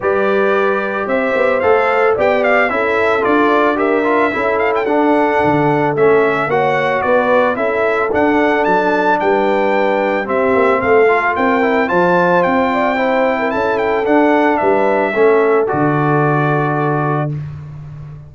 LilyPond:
<<
  \new Staff \with { instrumentName = "trumpet" } { \time 4/4 \tempo 4 = 111 d''2 e''4 f''4 | g''8 f''8 e''4 d''4 e''4~ | e''8 f''16 g''16 fis''2 e''4 | fis''4 d''4 e''4 fis''4 |
a''4 g''2 e''4 | f''4 g''4 a''4 g''4~ | g''4 a''8 g''8 fis''4 e''4~ | e''4 d''2. | }
  \new Staff \with { instrumentName = "horn" } { \time 4/4 b'2 c''2 | d''4 a'2 ais'4 | a'1 | cis''4 b'4 a'2~ |
a'4 b'2 g'4 | a'4 ais'4 c''4. d''8 | c''8. ais'16 a'2 b'4 | a'1 | }
  \new Staff \with { instrumentName = "trombone" } { \time 4/4 g'2. a'4 | g'4 e'4 f'4 g'8 f'8 | e'4 d'2 cis'4 | fis'2 e'4 d'4~ |
d'2. c'4~ | c'8 f'4 e'8 f'2 | e'2 d'2 | cis'4 fis'2. | }
  \new Staff \with { instrumentName = "tuba" } { \time 4/4 g2 c'8 b8 a4 | b4 cis'4 d'2 | cis'4 d'4 d4 a4 | ais4 b4 cis'4 d'4 |
fis4 g2 c'8 ais8 | a4 c'4 f4 c'4~ | c'4 cis'4 d'4 g4 | a4 d2. | }
>>